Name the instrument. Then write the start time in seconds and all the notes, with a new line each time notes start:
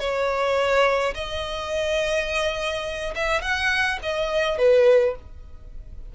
violin
0.00 C#5
1.15 D#5
3.15 E5
3.42 F#5
4.03 D#5
4.58 B4